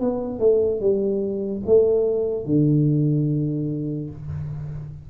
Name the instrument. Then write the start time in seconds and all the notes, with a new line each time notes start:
tuba
0.00 B3
0.39 A3
0.80 G3
1.66 A3
2.45 D3